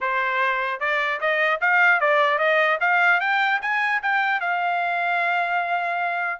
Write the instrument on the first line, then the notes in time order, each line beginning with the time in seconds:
trumpet
0.00 C5
0.80 D5
1.20 D#5
1.60 F5
2.00 D5
2.38 D#5
2.80 F5
3.20 G5
3.61 G#5
4.02 G5
4.40 F5